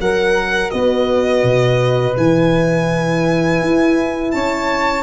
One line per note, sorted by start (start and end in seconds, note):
0.00 0.72 F#3
0.00 0.72 A#4
0.00 0.76 A#4
0.00 0.71 F#5
0.71 1.44 B3
0.71 2.17 F#4
0.71 4.35 B4
0.71 2.15 D#5
1.44 2.16 B2
2.17 3.62 E3
2.17 5.03 E4
2.17 4.32 G#5
3.62 4.34 E4
4.32 5.03 C#4
4.32 5.03 C#5
4.32 5.03 A5